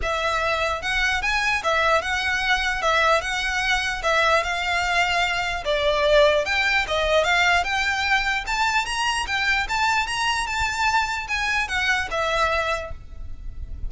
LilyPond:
\new Staff \with { instrumentName = "violin" } { \time 4/4 \tempo 4 = 149 e''2 fis''4 gis''4 | e''4 fis''2 e''4 | fis''2 e''4 f''4~ | f''2 d''2 |
g''4 dis''4 f''4 g''4~ | g''4 a''4 ais''4 g''4 | a''4 ais''4 a''2 | gis''4 fis''4 e''2 | }